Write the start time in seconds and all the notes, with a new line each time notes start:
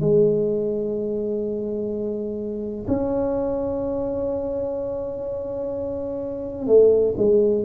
0.00 G#3
2.87 C#4
6.67 A3
7.17 G#3